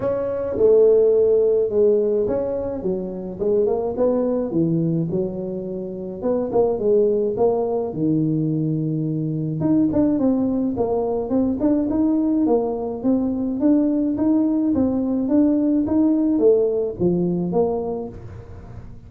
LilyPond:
\new Staff \with { instrumentName = "tuba" } { \time 4/4 \tempo 4 = 106 cis'4 a2 gis4 | cis'4 fis4 gis8 ais8 b4 | e4 fis2 b8 ais8 | gis4 ais4 dis2~ |
dis4 dis'8 d'8 c'4 ais4 | c'8 d'8 dis'4 ais4 c'4 | d'4 dis'4 c'4 d'4 | dis'4 a4 f4 ais4 | }